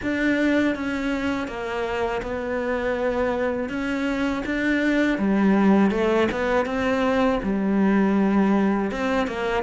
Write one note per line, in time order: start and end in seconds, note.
0.02 0.75 D4
0.75 1.47 C#4
1.47 2.21 A#3
2.22 3.69 B3
3.69 4.43 C#4
4.45 5.18 D4
5.18 5.91 G3
5.91 6.28 A3
6.31 6.65 B3
6.65 7.39 C4
7.43 8.91 G3
8.91 9.27 C4
9.27 9.63 A#3